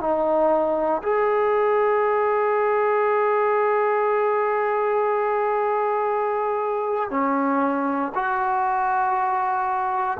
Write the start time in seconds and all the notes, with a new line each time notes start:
0.00 D#4
1.02 G#4
7.10 C#4
8.14 F#4